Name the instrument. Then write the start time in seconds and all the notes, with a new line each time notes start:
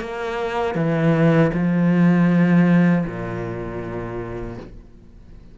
cello
0.00 A#3
0.75 E3
1.53 F3
3.06 A#2